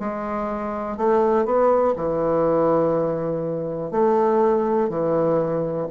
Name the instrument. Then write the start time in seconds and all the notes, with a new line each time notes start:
bassoon
0.00 G#3
0.97 A3
1.45 B3
1.96 E3
3.91 A3
4.89 E3